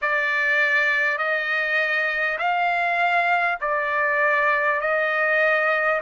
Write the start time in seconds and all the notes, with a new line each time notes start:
0.01 D5
1.17 D#5
2.38 F5
3.60 D5
4.80 D#5